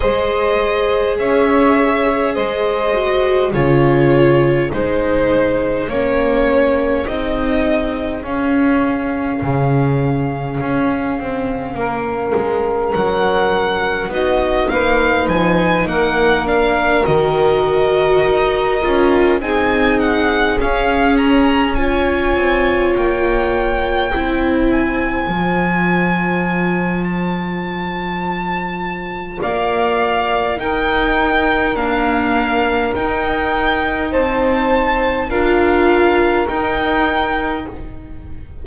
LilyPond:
<<
  \new Staff \with { instrumentName = "violin" } { \time 4/4 \tempo 4 = 51 dis''4 e''4 dis''4 cis''4 | c''4 cis''4 dis''4 f''4~ | f''2. fis''4 | dis''8 f''8 gis''8 fis''8 f''8 dis''4.~ |
dis''8 gis''8 fis''8 f''8 ais''8 gis''4 g''8~ | g''4 gis''2 a''4~ | a''4 f''4 g''4 f''4 | g''4 a''4 f''4 g''4 | }
  \new Staff \with { instrumentName = "saxophone" } { \time 4/4 c''4 cis''4 c''4 gis'4~ | gis'1~ | gis'2 ais'2 | fis'8 b'4 ais'2~ ais'8~ |
ais'8 gis'2 cis''4.~ | cis''8 c''2.~ c''8~ | c''4 d''4 ais'2~ | ais'4 c''4 ais'2 | }
  \new Staff \with { instrumentName = "viola" } { \time 4/4 gis'2~ gis'8 fis'8 f'4 | dis'4 cis'4 dis'4 cis'4~ | cis'1 | dis'2 d'8 fis'4. |
f'8 dis'4 cis'4 f'4.~ | f'8 e'4 f'2~ f'8~ | f'2 dis'4 ais4 | dis'2 f'4 dis'4 | }
  \new Staff \with { instrumentName = "double bass" } { \time 4/4 gis4 cis'4 gis4 cis4 | gis4 ais4 c'4 cis'4 | cis4 cis'8 c'8 ais8 gis8 fis4 | b8 ais8 f8 ais4 dis4 dis'8 |
cis'8 c'4 cis'4. c'8 ais8~ | ais8 c'4 f2~ f8~ | f4 ais4 dis'4 d'4 | dis'4 c'4 d'4 dis'4 | }
>>